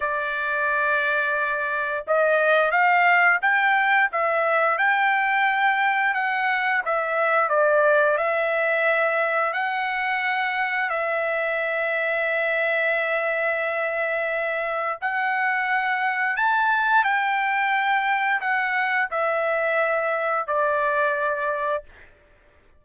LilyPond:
\new Staff \with { instrumentName = "trumpet" } { \time 4/4 \tempo 4 = 88 d''2. dis''4 | f''4 g''4 e''4 g''4~ | g''4 fis''4 e''4 d''4 | e''2 fis''2 |
e''1~ | e''2 fis''2 | a''4 g''2 fis''4 | e''2 d''2 | }